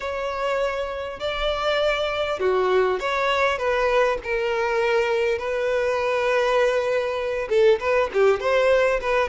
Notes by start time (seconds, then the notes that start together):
0.00 C#5
1.19 D5
2.39 F#4
2.99 C#5
3.58 B4
4.23 A#4
5.38 B4
7.49 A4
7.80 B4
8.13 G4
8.40 C5
9.01 B4